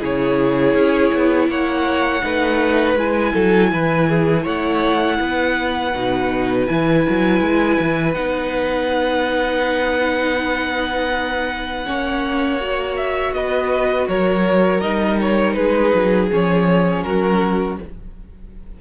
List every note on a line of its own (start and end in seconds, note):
0.00 0.74 C#3
0.00 2.22 E4
0.00 1.48 G#4
0.00 1.50 C#5
0.74 1.11 C#4
1.14 1.49 B3
1.49 2.23 A#3
1.49 2.24 C#5
1.49 2.98 F#5
2.22 2.96 A3
2.22 2.96 D#4
2.22 3.33 B4
2.96 3.33 G#3
2.96 5.94 E4
2.96 4.46 G#5
3.33 3.72 F#3
3.33 3.70 A4
3.72 4.46 E3
3.72 4.09 B4
4.09 4.43 G#4
4.43 5.20 A3
4.43 5.17 C#5
4.43 6.67 F#5
5.20 5.94 B3
5.20 11.86 B4
5.94 6.69 B2
5.94 6.68 D#4
6.67 7.07 E3
6.67 8.15 E4
6.67 8.14 G#5
7.10 7.41 F#3
7.41 7.78 G#3
7.80 8.16 E3
8.14 11.87 B3
8.14 11.85 D#4
8.14 12.96 F#5
11.86 13.33 A#3
11.86 12.60 C#4
11.86 13.34 C#5
12.61 14.81 F#4
12.97 13.34 E5
13.33 14.08 B3
13.33 14.08 B4
13.33 14.08 D#5
14.08 14.82 F#3
14.08 15.57 A#4
14.08 14.81 C#5
14.81 15.56 G3
14.81 16.29 D#4
14.81 15.18 D#5
15.21 15.54 C#5
15.54 15.93 G#3
15.54 17.05 G#4
15.54 16.28 B4
15.94 16.31 F#3
16.31 17.05 F3
16.31 17.79 C#4
16.31 17.03 C#5
17.03 17.79 F#3
17.03 17.81 F#4
17.03 17.77 A#4